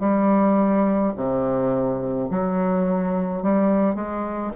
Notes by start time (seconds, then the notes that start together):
0.00 G3
1.16 C3
2.31 F#3
3.43 G3
3.95 G#3